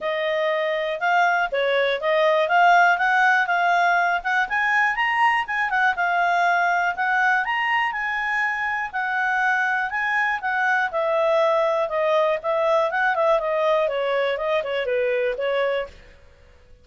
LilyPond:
\new Staff \with { instrumentName = "clarinet" } { \time 4/4 \tempo 4 = 121 dis''2 f''4 cis''4 | dis''4 f''4 fis''4 f''4~ | f''8 fis''8 gis''4 ais''4 gis''8 fis''8 | f''2 fis''4 ais''4 |
gis''2 fis''2 | gis''4 fis''4 e''2 | dis''4 e''4 fis''8 e''8 dis''4 | cis''4 dis''8 cis''8 b'4 cis''4 | }